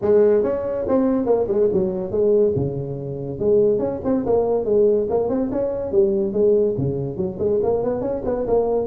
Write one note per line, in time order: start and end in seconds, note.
0.01 0.43 G#3
0.43 0.85 C#4
0.88 1.25 C4
1.25 1.47 A#3
1.47 1.68 G#3
1.72 2.11 F#3
2.11 2.53 G#3
2.55 3.39 C#3
3.39 3.79 G#3
3.79 4.00 C#4
4.04 4.25 C4
4.26 4.64 A#3
4.64 5.07 G#3
5.09 5.29 A#3
5.29 5.50 C4
5.51 5.91 C#4
5.91 6.33 G3
6.33 6.75 G#3
6.77 7.16 C#3
7.16 7.38 F#3
7.39 7.60 G#3
7.62 7.83 A#3
7.83 8.01 B3
8.01 8.22 C#4
8.25 8.46 B3
8.47 8.87 A#3